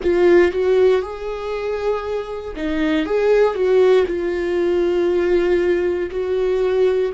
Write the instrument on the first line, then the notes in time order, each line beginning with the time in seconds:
viola
0.02 F4
0.51 F#4
1.02 G#4
2.56 D#4
3.05 G#4
3.54 F#4
4.06 F4
6.10 F#4